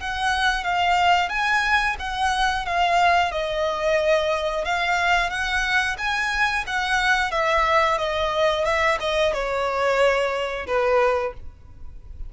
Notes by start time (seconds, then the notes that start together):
0.00 F#5
0.64 F5
1.29 G#5
1.99 F#5
2.65 F5
3.32 D#5
4.65 F5
5.30 F#5
5.98 G#5
6.67 F#5
7.31 E5
7.98 D#5
8.65 E5
9.00 D#5
9.33 C#5
10.67 B4